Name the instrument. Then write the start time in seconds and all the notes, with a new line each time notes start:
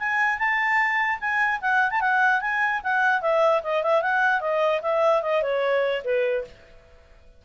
clarinet
0.00 G#5
0.39 A5
1.21 G#5
1.61 F#5
1.91 A5
2.01 F#5
2.42 G#5
2.84 F#5
3.22 E5
3.64 D#5
3.83 E5
4.02 F#5
4.41 D#5
4.82 E5
5.23 D#5
5.43 C#5
6.05 B4